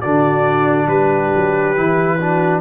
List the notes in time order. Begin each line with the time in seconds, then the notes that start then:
0.00 D3 D4 F#4 D5
0.87 G3 G4 B4
1.35 F#3
1.76 E3 E4
2.19 D4 F#4